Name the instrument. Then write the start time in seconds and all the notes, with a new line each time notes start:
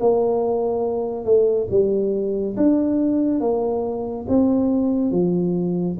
tuba
0.00 A#3
1.25 A3
1.70 G3
2.57 D4
3.41 A#3
4.29 C4
5.12 F3